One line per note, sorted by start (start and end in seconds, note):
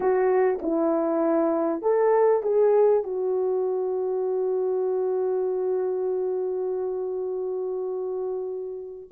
0.00 0.59 F#4
0.62 1.82 E4
1.82 2.42 A4
2.42 3.03 G#4
3.03 9.09 F#4